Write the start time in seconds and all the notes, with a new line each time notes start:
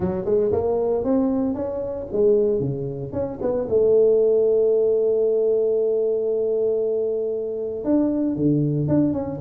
0.00 F#3
0.25 G#3
0.51 A#3
1.04 C4
1.54 C#4
2.12 G#3
2.60 C#3
3.12 C#4
3.41 B3
3.69 A3
7.84 D4
8.36 D3
8.87 D4
9.13 C#4